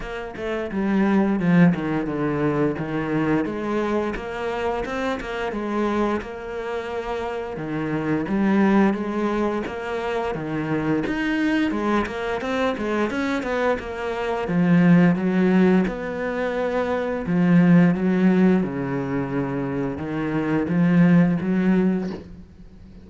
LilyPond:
\new Staff \with { instrumentName = "cello" } { \time 4/4 \tempo 4 = 87 ais8 a8 g4 f8 dis8 d4 | dis4 gis4 ais4 c'8 ais8 | gis4 ais2 dis4 | g4 gis4 ais4 dis4 |
dis'4 gis8 ais8 c'8 gis8 cis'8 b8 | ais4 f4 fis4 b4~ | b4 f4 fis4 cis4~ | cis4 dis4 f4 fis4 | }